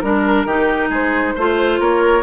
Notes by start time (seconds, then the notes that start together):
0.00 G3 D4 A#4
0.45 D#3 D#4 G4
0.89 G#3 G#4 C5
1.35 A3 F4 C5
1.79 A#3 A#4 C#5